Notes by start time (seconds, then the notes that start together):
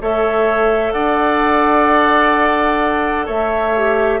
0.00 A3 A4 C#5 E5
0.92 D4 D5 F#5
3.25 A3 C#5 E5
3.76 G4